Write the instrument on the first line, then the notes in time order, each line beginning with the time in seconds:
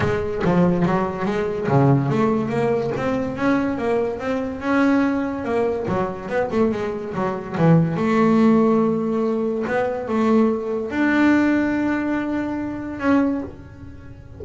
double bass
0.00 G#3
0.44 F3
0.85 F#3
1.25 G#3
1.68 C#3
2.09 A3
2.49 A#3
2.96 C4
3.36 C#4
3.78 A#3
4.19 C4
4.60 C#4
5.44 A#3
5.87 F#3
6.29 B3
6.51 A3
6.71 G#3
7.13 F#3
7.57 E3
7.97 A3
9.67 B3
10.07 A3
10.90 D4
12.99 C#4